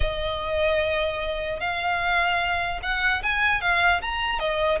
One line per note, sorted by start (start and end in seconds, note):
0.00 1.60 D#5
1.60 2.80 F5
2.82 3.22 F#5
3.22 3.61 G#5
3.61 4.01 F5
4.01 4.39 A#5
4.39 4.79 D#5